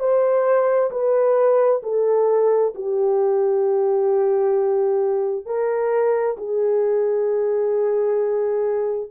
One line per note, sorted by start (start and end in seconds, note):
0.00 0.91 C5
0.91 1.82 B4
1.83 2.74 A4
2.75 5.46 G4
5.46 6.37 A#4
6.38 9.10 G#4